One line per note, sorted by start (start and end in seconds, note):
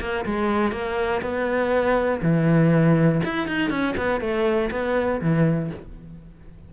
0.00 0.25 A#3
0.25 0.72 G#3
0.72 1.21 A#3
1.22 2.21 B3
2.22 3.21 E3
3.25 3.48 E4
3.48 3.71 D#4
3.71 3.95 C#4
3.97 4.21 B3
4.21 4.70 A3
4.71 5.21 B3
5.21 5.71 E3